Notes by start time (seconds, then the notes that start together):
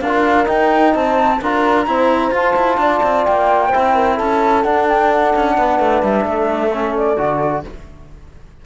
0.00 D4 A#4 F5
0.06 F4
0.45 D#4 G5
0.93 C4 C5 A5
1.41 D4 F4 A#4 A#5
1.86 C4 E4 C5
2.31 F4 A5
2.56 E4
2.77 D4 D5
3.03 C4
3.24 A#3 G5
3.68 E4 C5
3.75 C4
3.93 A#4
4.15 C#4 A4 A5
4.63 D4 F#5
4.88 G5
5.12 F#5
5.35 C#4
5.57 B3 B4
5.79 A3
6.02 G3 E5
6.24 A3 A4
6.73 C#4
6.96 D5
7.17 D3 F#4